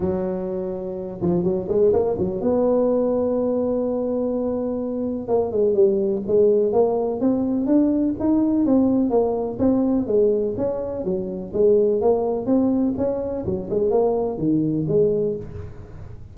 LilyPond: \new Staff \with { instrumentName = "tuba" } { \time 4/4 \tempo 4 = 125 fis2~ fis8 f8 fis8 gis8 | ais8 fis8 b2.~ | b2. ais8 gis8 | g4 gis4 ais4 c'4 |
d'4 dis'4 c'4 ais4 | c'4 gis4 cis'4 fis4 | gis4 ais4 c'4 cis'4 | fis8 gis8 ais4 dis4 gis4 | }